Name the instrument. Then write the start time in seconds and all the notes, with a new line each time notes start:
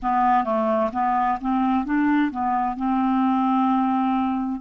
clarinet
0.02 B3
0.44 A3
0.92 B3
1.41 C4
1.85 D4
2.31 B3
2.76 C4